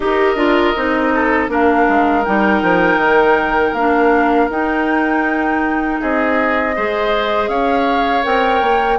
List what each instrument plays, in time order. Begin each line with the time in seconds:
0.00 bassoon D#4, clarinet G4, oboe A#4, flute D#5
0.35 bassoon D4, clarinet F4
0.76 bassoon C4, clarinet D#4
1.14 oboe A4
1.48 bassoon A#3, clarinet D4, oboe A#4, flute F5
1.88 bassoon G#3
2.24 bassoon G3, clarinet D#4, flute G5
2.62 bassoon F3
2.97 bassoon D#3
3.73 bassoon A#3, clarinet D4, flute F5
4.49 bassoon D#4, clarinet D#4, flute G5
6.00 bassoon C4, oboe G#4, flute D#5
6.75 bassoon G#3, clarinet G#4, oboe C5
7.48 bassoon C#4, oboe C#5, flute F5
8.23 bassoon C4, clarinet A#4, flute G5
8.61 bassoon A#3